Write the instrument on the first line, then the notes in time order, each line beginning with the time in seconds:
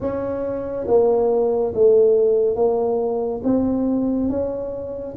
tuba
0.00 C#4
0.87 A#3
1.74 A3
2.55 A#3
3.43 C4
4.29 C#4